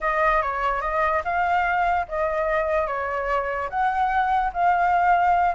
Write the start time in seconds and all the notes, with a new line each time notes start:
0.01 D#5
0.42 C#5
0.81 D#5
1.24 F5
2.08 D#5
2.87 C#5
3.69 F#5
4.53 F5